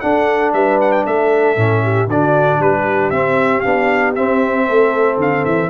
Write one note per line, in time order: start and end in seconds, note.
0.00 1.57 D4
0.00 0.53 D4
0.00 0.54 A4
0.00 0.52 F#5
0.53 1.05 G3
0.53 1.06 B4
0.53 0.79 E5
0.81 0.92 F#5
0.92 1.05 G5
1.06 1.56 A3
1.06 1.83 A4
1.06 2.10 E5
1.56 2.08 A2
1.56 2.08 C#4
1.83 2.08 G4
2.08 2.59 D3
2.08 3.13 D4
2.08 2.60 F#4
2.08 2.62 D5
2.59 3.11 G3
2.59 4.67 G4
2.59 3.10 B4
3.10 3.63 C4
3.10 3.64 C4
3.10 3.61 E5
3.61 4.17 B3
3.61 4.16 D4
3.61 4.12 F5
4.15 5.70 C4
4.15 4.68 C4
4.15 5.19 E5
4.67 5.17 A3
4.67 5.70 A4
5.17 5.43 D3
5.17 5.45 F5
5.45 5.70 E3
5.45 5.70 E5